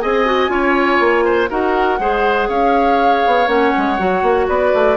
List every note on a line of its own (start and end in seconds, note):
0.00 0.49 C4
0.00 0.26 G#4
0.00 0.51 D#5
0.00 1.49 G#5
0.26 0.49 F#4
0.49 0.98 C#4
0.49 1.48 F4
0.49 1.25 C#5
1.00 1.49 A#3
1.25 1.50 C5
1.49 1.99 D#4
1.49 1.99 F#4
1.49 1.99 A#4
1.49 2.49 F#5
1.99 2.49 G#3
1.99 3.47 G#4
1.99 2.49 C5
2.49 3.23 C#4
2.49 4.47 C#5
2.49 3.48 F5
3.26 3.47 B3
3.47 3.72 A#3
3.47 3.97 C#4
3.47 4.48 F#5
3.78 3.99 G#3
3.98 4.22 F#3
3.98 4.97 F#4
4.22 4.47 A#3
4.48 4.73 B3
4.48 4.97 B4
4.48 4.97 D5
4.74 4.97 A3